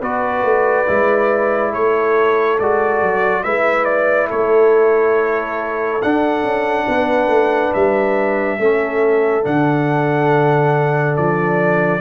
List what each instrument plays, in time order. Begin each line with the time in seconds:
0.00 tuba B3, trombone F#4, horn B4, trumpet D5
0.43 tuba A3
0.87 tuba G#3, trombone E4
1.72 tuba A3, horn A4, trumpet C#5
2.59 tuba G#3, trombone F#4, trumpet D5
3.02 tuba F#3
3.44 tuba G#3, trombone E4, horn B4, trumpet E5
3.85 trumpet D5
4.28 tuba A3, horn A4, trumpet C#5
6.02 trombone D4, tuba D4, trumpet F#5
6.43 tuba C#4
6.88 tuba B3, horn B4
7.28 tuba A3
7.74 tuba G3, trumpet E5
8.59 tuba A3, trombone C#4, horn A4
9.43 tuba D3, trombone D4, trumpet F#5
11.16 tuba F3, trumpet D5